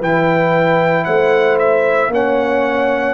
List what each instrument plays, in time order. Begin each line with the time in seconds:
0.00 tuba E3, trombone E4, horn B4, trumpet G5
1.05 tuba A3, horn C5, trumpet F#5
1.59 trumpet E5
2.09 tuba A#3, trombone C#4, horn C#5, trumpet F#5